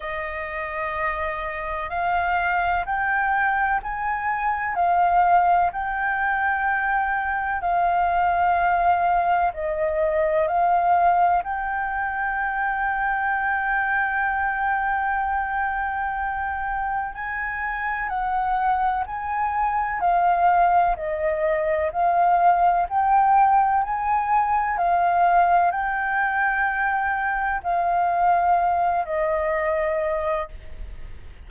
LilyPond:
\new Staff \with { instrumentName = "flute" } { \time 4/4 \tempo 4 = 63 dis''2 f''4 g''4 | gis''4 f''4 g''2 | f''2 dis''4 f''4 | g''1~ |
g''2 gis''4 fis''4 | gis''4 f''4 dis''4 f''4 | g''4 gis''4 f''4 g''4~ | g''4 f''4. dis''4. | }